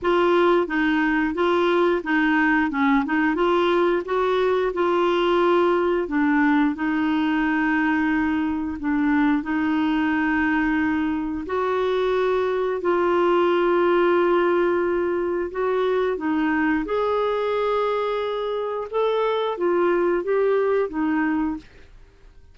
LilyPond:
\new Staff \with { instrumentName = "clarinet" } { \time 4/4 \tempo 4 = 89 f'4 dis'4 f'4 dis'4 | cis'8 dis'8 f'4 fis'4 f'4~ | f'4 d'4 dis'2~ | dis'4 d'4 dis'2~ |
dis'4 fis'2 f'4~ | f'2. fis'4 | dis'4 gis'2. | a'4 f'4 g'4 dis'4 | }